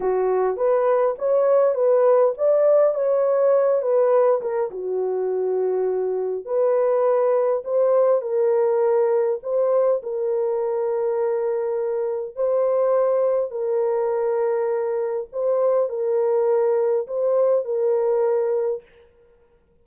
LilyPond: \new Staff \with { instrumentName = "horn" } { \time 4/4 \tempo 4 = 102 fis'4 b'4 cis''4 b'4 | d''4 cis''4. b'4 ais'8 | fis'2. b'4~ | b'4 c''4 ais'2 |
c''4 ais'2.~ | ais'4 c''2 ais'4~ | ais'2 c''4 ais'4~ | ais'4 c''4 ais'2 | }